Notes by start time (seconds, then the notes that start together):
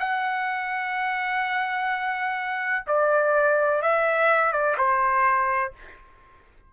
0.00 F#5
2.87 D5
3.83 E5
4.53 D5
4.78 C5